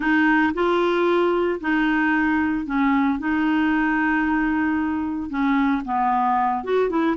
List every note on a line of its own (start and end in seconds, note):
0.00 0.53 D#4
0.54 1.60 F4
1.60 2.65 D#4
2.65 3.19 C#4
3.19 5.29 D#4
5.29 5.82 C#4
5.85 6.63 B3
6.63 6.89 F#4
6.89 7.16 E4